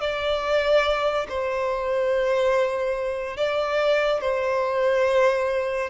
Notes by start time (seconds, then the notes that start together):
0.00 D5
1.29 C5
3.37 D5
4.21 C5